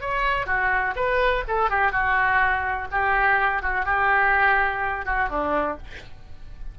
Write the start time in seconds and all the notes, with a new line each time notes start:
0.00 C#5
0.46 F#4
0.95 B4
1.48 A4
1.69 G4
1.92 F#4
2.91 G4
3.62 F#4
3.85 G4
5.05 F#4
5.29 D4